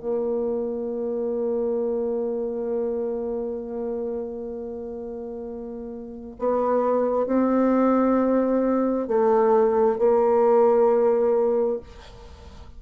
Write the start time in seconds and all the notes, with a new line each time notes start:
0.00 A#3
6.39 B3
7.27 C4
9.08 A3
9.99 A#3